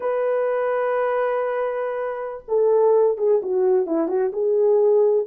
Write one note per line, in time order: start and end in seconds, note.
0.00 2.44 B4
2.48 3.17 A4
3.17 3.41 G#4
3.42 3.86 F#4
3.86 4.08 E4
4.08 4.31 F#4
4.32 5.26 G#4